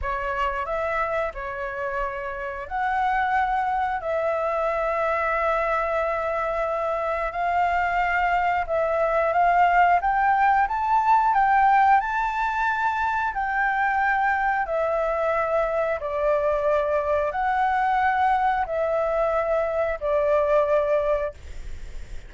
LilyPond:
\new Staff \with { instrumentName = "flute" } { \time 4/4 \tempo 4 = 90 cis''4 e''4 cis''2 | fis''2 e''2~ | e''2. f''4~ | f''4 e''4 f''4 g''4 |
a''4 g''4 a''2 | g''2 e''2 | d''2 fis''2 | e''2 d''2 | }